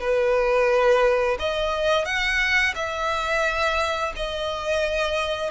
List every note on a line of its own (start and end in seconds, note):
0.00 1.38 B4
1.39 2.05 D#5
2.05 2.74 F#5
2.75 4.13 E5
4.16 5.50 D#5